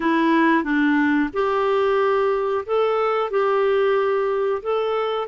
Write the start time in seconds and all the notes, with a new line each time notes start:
0.00 E4
0.63 D4
1.33 G4
2.66 A4
3.30 G4
4.62 A4